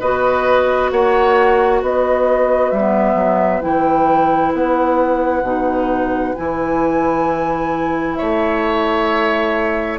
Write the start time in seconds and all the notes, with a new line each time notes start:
0.00 B3 F#4 B4 D#5
0.92 A#3 C#5 F#5
1.82 B3 B4 D#5
2.71 G3 E5
2.77 B3
3.15 F#3
3.62 E3 E4 G5
4.54 B3 F#5
5.43 B2 D#4
6.36 E3 E4 G#5
8.16 A3 C#5 E5